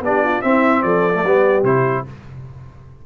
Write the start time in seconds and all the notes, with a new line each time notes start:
0.00 B3 D4 G4 D5
0.24 F4
0.42 C4 E4 E5
0.82 F3 A4 D5
1.14 A3
1.23 G3 B3 G4
1.63 C3 E4 C5